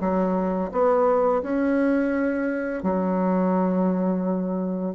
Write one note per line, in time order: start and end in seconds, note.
0.00 0.71 F#3
0.72 1.42 B3
1.42 2.83 C#4
2.83 4.95 F#3